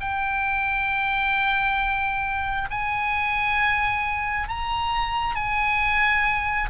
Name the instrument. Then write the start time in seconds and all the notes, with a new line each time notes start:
oboe
0.00 G5
2.71 G#5
4.49 A#5
5.35 G#5